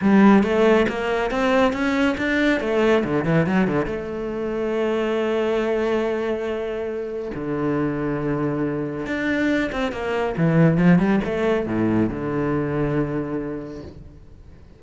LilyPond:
\new Staff \with { instrumentName = "cello" } { \time 4/4 \tempo 4 = 139 g4 a4 ais4 c'4 | cis'4 d'4 a4 d8 e8 | fis8 d8 a2.~ | a1~ |
a4 d2.~ | d4 d'4. c'8 ais4 | e4 f8 g8 a4 a,4 | d1 | }